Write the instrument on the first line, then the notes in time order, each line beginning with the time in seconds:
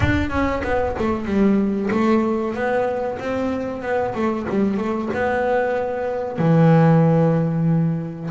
double bass
0.00 D4
0.30 C#4
0.63 B3
0.98 A3
1.25 G3
1.91 A3
2.54 B3
3.19 C4
3.82 B3
4.15 A3
4.49 G3
4.77 A3
5.13 B3
6.38 E3